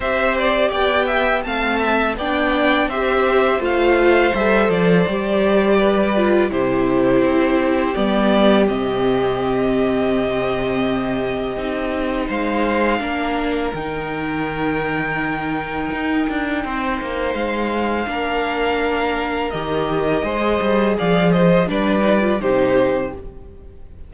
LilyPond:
<<
  \new Staff \with { instrumentName = "violin" } { \time 4/4 \tempo 4 = 83 e''8 d''8 g''4 a''4 g''4 | e''4 f''4 e''8 d''4.~ | d''4 c''2 d''4 | dis''1~ |
dis''4 f''2 g''4~ | g''1 | f''2. dis''4~ | dis''4 f''8 dis''8 d''4 c''4 | }
  \new Staff \with { instrumentName = "violin" } { \time 4/4 c''4 d''8 e''8 f''8 e''8 d''4 | c''1 | b'4 g'2.~ | g'1~ |
g'4 c''4 ais'2~ | ais'2. c''4~ | c''4 ais'2. | c''4 d''8 c''8 b'4 g'4 | }
  \new Staff \with { instrumentName = "viola" } { \time 4/4 g'2 c'4 d'4 | g'4 f'4 a'4 g'4~ | g'8 f'8 e'2 b4 | c'1 |
dis'2 d'4 dis'4~ | dis'1~ | dis'4 d'2 g'4 | gis'2 d'8 dis'16 f'16 dis'4 | }
  \new Staff \with { instrumentName = "cello" } { \time 4/4 c'4 b4 a4 b4 | c'4 a4 g8 f8 g4~ | g4 c4 c'4 g4 | c1 |
c'4 gis4 ais4 dis4~ | dis2 dis'8 d'8 c'8 ais8 | gis4 ais2 dis4 | gis8 g8 f4 g4 c4 | }
>>